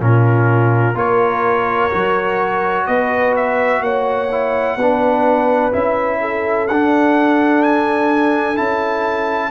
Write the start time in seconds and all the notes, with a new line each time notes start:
0.00 A#2 C#4 F4 A#4
0.94 A#3 F4 A#4 C#5
1.90 F#3 F#4
2.86 B3 B4 D#5
3.36 E5
3.80 A#3 C#5 F#5
4.31 E4
4.76 B3 D4 B4
5.72 C#4 E4 E5
6.20 A4
6.67 D4 F#5
7.62 G#5
8.55 C#4 E4 A5